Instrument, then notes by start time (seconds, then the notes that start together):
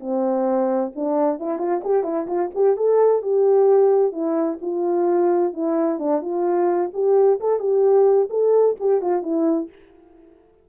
horn
0.00 C4
0.95 D4
1.40 E4
1.59 F4
1.84 G4
2.03 E4
2.27 F4
2.55 G4
2.77 A4
3.22 G4
4.12 E4
4.62 F4
5.53 E4
5.99 D4
6.21 F4
6.94 G4
7.40 A4
7.59 G4
8.30 A4
8.80 G4
9.01 F4
9.23 E4